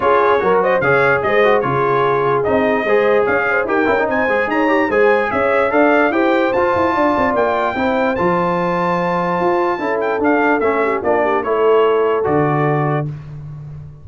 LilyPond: <<
  \new Staff \with { instrumentName = "trumpet" } { \time 4/4 \tempo 4 = 147 cis''4. dis''8 f''4 dis''4 | cis''2 dis''2 | f''4 g''4 gis''4 ais''4 | gis''4 e''4 f''4 g''4 |
a''2 g''2 | a''1~ | a''8 g''8 f''4 e''4 d''4 | cis''2 d''2 | }
  \new Staff \with { instrumentName = "horn" } { \time 4/4 gis'4 ais'8 c''8 cis''4 c''4 | gis'2. c''4 | cis''8 c''8 ais'4 c''4 cis''4 | c''4 cis''4 d''4 c''4~ |
c''4 d''2 c''4~ | c''1 | a'2~ a'8 g'8 f'8 g'8 | a'1 | }
  \new Staff \with { instrumentName = "trombone" } { \time 4/4 f'4 fis'4 gis'4. fis'8 | f'2 dis'4 gis'4~ | gis'4 g'8 e'16 dis'8. gis'4 g'8 | gis'2 a'4 g'4 |
f'2. e'4 | f'1 | e'4 d'4 cis'4 d'4 | e'2 fis'2 | }
  \new Staff \with { instrumentName = "tuba" } { \time 4/4 cis'4 fis4 cis4 gis4 | cis2 c'4 gis4 | cis'4 dis'8 cis'8 c'8 gis8 dis'4 | gis4 cis'4 d'4 e'4 |
f'8 e'8 d'8 c'8 ais4 c'4 | f2. f'4 | cis'4 d'4 a4 ais4 | a2 d2 | }
>>